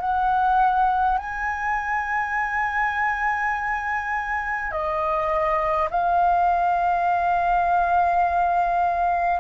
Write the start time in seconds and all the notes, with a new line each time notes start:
0.00 F#5
1.18 G#5
4.71 D#5
5.90 F5